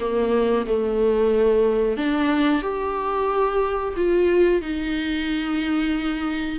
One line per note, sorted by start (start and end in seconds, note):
0.00 0.66 A#3
0.66 1.97 A3
1.97 2.62 D4
2.62 3.94 G4
3.97 4.62 F4
4.62 6.59 D#4